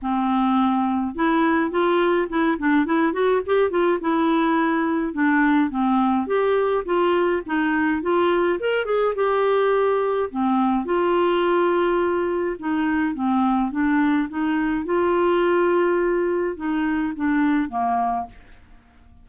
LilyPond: \new Staff \with { instrumentName = "clarinet" } { \time 4/4 \tempo 4 = 105 c'2 e'4 f'4 | e'8 d'8 e'8 fis'8 g'8 f'8 e'4~ | e'4 d'4 c'4 g'4 | f'4 dis'4 f'4 ais'8 gis'8 |
g'2 c'4 f'4~ | f'2 dis'4 c'4 | d'4 dis'4 f'2~ | f'4 dis'4 d'4 ais4 | }